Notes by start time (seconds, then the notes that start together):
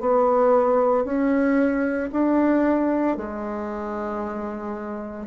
0.00 B3
1.04 C#4
2.12 D4
3.17 G#3